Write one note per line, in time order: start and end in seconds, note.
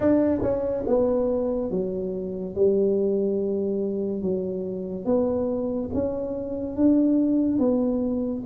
0.00 0.41 D4
0.42 0.84 C#4
0.87 1.70 B3
1.70 2.55 F#3
2.55 4.21 G3
4.21 5.05 F#3
5.05 5.89 B3
5.93 6.76 C#4
6.76 7.58 D4
7.58 8.43 B3